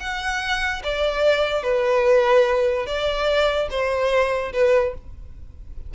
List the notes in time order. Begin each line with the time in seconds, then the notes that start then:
0.00 F#5
0.83 D5
1.63 B4
2.86 D5
3.70 C5
4.53 B4